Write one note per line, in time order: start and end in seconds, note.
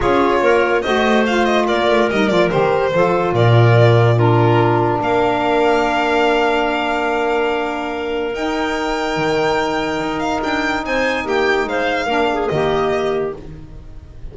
0.00 0.41 C#4
0.00 0.83 F4
0.00 0.40 G#4
0.00 0.82 C#5
0.41 0.82 A#3
0.41 0.81 A#4
0.81 1.68 A3
0.81 1.25 F#4
0.81 1.65 C5
0.81 1.23 D#5
1.26 2.10 F4
1.26 1.45 F5
1.45 1.65 D#5
1.66 1.88 A#3
1.66 2.91 A#4
1.66 2.09 D5
1.88 2.09 A3
2.10 2.29 G3
2.10 2.29 D#4
2.10 2.28 D#5
2.28 2.50 F3
2.28 2.49 F4
2.28 2.49 D5
2.49 2.93 D#3
2.49 2.91 G4
2.49 3.33 C5
2.93 3.32 F3
2.93 4.15 F4
2.93 3.33 A4
3.32 4.99 A#2
3.32 4.16 A#4
3.32 4.18 D5
4.15 8.31 D4
4.15 4.99 F4
4.15 5.01 A#4
5.00 8.33 A#3
5.00 10.83 A#4
5.00 8.34 F5
8.32 12.07 D#4
8.32 9.16 D#4
8.32 10.19 G5
9.16 9.99 D#3
9.99 10.41 D#4
10.19 10.39 F5
10.43 10.84 D4
10.43 10.84 G5
10.84 11.24 C4
10.84 11.25 C5
10.84 11.26 G#5
11.24 11.65 A#3
11.24 11.66 G4
11.24 11.68 G5
11.65 12.06 G#3
11.65 12.06 C5
11.65 12.48 F5
12.06 12.48 A#3
12.06 12.49 D4
12.06 12.27 A#4
12.33 12.53 G#4
12.48 13.34 D#3
12.48 13.32 A#3
12.48 13.36 G4
12.48 13.31 D#5